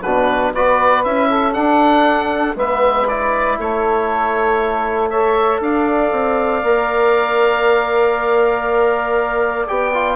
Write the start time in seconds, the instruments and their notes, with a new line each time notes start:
0.00 bassoon B2, trombone D4, saxophone F#4, oboe B4
0.53 bassoon B3, trombone F#4, saxophone B4, oboe D5
1.04 bassoon C#4, trombone E4, oboe E5
1.29 saxophone A4
1.53 trombone D4, bassoon D4, oboe F#5
2.56 bassoon G#3, trombone B3, saxophone B4, oboe E5
3.08 trombone E4, oboe D5
3.59 bassoon A3, saxophone A4, oboe C#5
5.10 trombone A4, saxophone C#5, oboe E5
5.60 bassoon D4, saxophone D5, oboe F5
6.12 bassoon C4
6.63 bassoon A#3, trombone A#4
9.67 bassoon B3, trombone G4, oboe G5
9.94 trombone F4